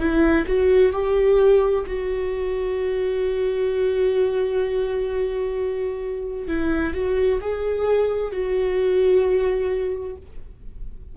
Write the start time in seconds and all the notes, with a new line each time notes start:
0.00 E4
0.47 F#4
0.93 G4
1.87 F#4
6.48 E4
6.94 F#4
7.41 G#4
8.32 F#4